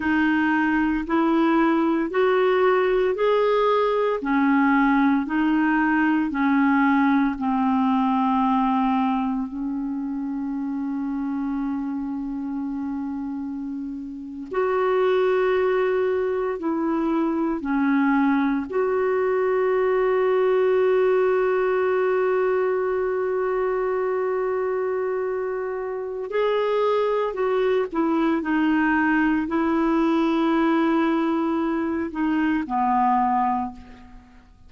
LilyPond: \new Staff \with { instrumentName = "clarinet" } { \time 4/4 \tempo 4 = 57 dis'4 e'4 fis'4 gis'4 | cis'4 dis'4 cis'4 c'4~ | c'4 cis'2.~ | cis'4.~ cis'16 fis'2 e'16~ |
e'8. cis'4 fis'2~ fis'16~ | fis'1~ | fis'4 gis'4 fis'8 e'8 dis'4 | e'2~ e'8 dis'8 b4 | }